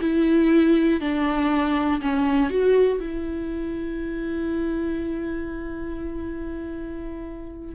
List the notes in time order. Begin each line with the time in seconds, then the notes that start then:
0.00 E4
1.00 D4
2.01 C#4
2.50 F#4
3.00 E4